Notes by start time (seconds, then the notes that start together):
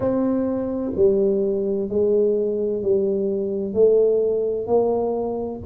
0.00 C4
0.95 G3
1.89 G#3
2.82 G3
3.73 A3
4.66 A#3